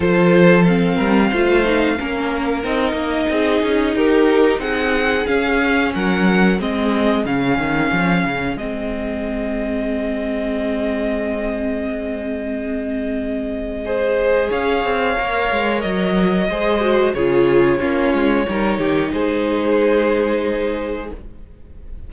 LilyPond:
<<
  \new Staff \with { instrumentName = "violin" } { \time 4/4 \tempo 4 = 91 c''4 f''2. | dis''2 ais'4 fis''4 | f''4 fis''4 dis''4 f''4~ | f''4 dis''2.~ |
dis''1~ | dis''2 f''2 | dis''2 cis''2~ | cis''4 c''2. | }
  \new Staff \with { instrumentName = "violin" } { \time 4/4 a'4. ais'8 c''4 ais'4~ | ais'4 gis'4 g'4 gis'4~ | gis'4 ais'4 gis'2~ | gis'1~ |
gis'1~ | gis'4 c''4 cis''2~ | cis''4 c''4 gis'4 f'4 | ais'8 g'8 gis'2. | }
  \new Staff \with { instrumentName = "viola" } { \time 4/4 f'4 c'4 f'8 dis'8 cis'4 | dis'1 | cis'2 c'4 cis'4~ | cis'4 c'2.~ |
c'1~ | c'4 gis'2 ais'4~ | ais'4 gis'8 fis'8 f'4 cis'4 | dis'1 | }
  \new Staff \with { instrumentName = "cello" } { \time 4/4 f4. g8 a4 ais4 | c'8 ais8 c'8 cis'8 dis'4 c'4 | cis'4 fis4 gis4 cis8 dis8 | f8 cis8 gis2.~ |
gis1~ | gis2 cis'8 c'8 ais8 gis8 | fis4 gis4 cis4 ais8 gis8 | g8 dis8 gis2. | }
>>